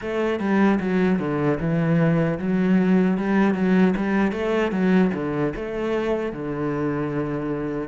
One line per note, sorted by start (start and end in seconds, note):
0.01 0.39 A3
0.39 0.79 G3
0.79 1.19 F#3
1.19 1.58 D3
1.60 2.39 E3
2.39 3.17 F#3
3.17 3.54 G3
3.54 3.93 F#3
3.96 4.32 G3
4.32 4.71 A3
4.71 5.11 F#3
5.14 5.53 D3
5.55 6.32 A3
6.32 7.88 D3